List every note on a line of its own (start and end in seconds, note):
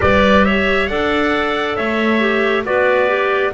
0.00 0.89 G3
0.00 0.88 G4
0.00 0.45 B4
0.00 0.44 D5
0.44 0.89 C#5
0.44 0.87 E5
0.87 1.77 D4
0.87 2.20 A4
0.87 1.76 D5
0.87 1.75 F#5
1.76 2.65 A3
1.76 2.65 C#5
1.76 2.64 E5
2.20 2.64 G4
2.64 3.53 B3
2.64 3.08 F#4
2.64 3.53 B4
2.64 3.53 D5
3.08 3.52 G4